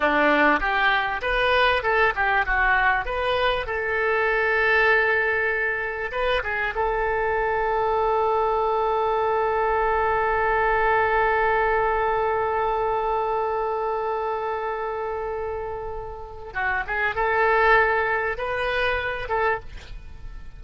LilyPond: \new Staff \with { instrumentName = "oboe" } { \time 4/4 \tempo 4 = 98 d'4 g'4 b'4 a'8 g'8 | fis'4 b'4 a'2~ | a'2 b'8 gis'8 a'4~ | a'1~ |
a'1~ | a'1~ | a'2. fis'8 gis'8 | a'2 b'4. a'8 | }